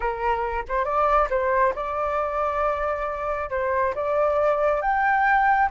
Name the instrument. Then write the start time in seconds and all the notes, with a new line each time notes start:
flute
0.00 A#4
0.68 C5
0.84 D5
1.29 C5
1.75 D5
3.50 C5
3.95 D5
4.81 G5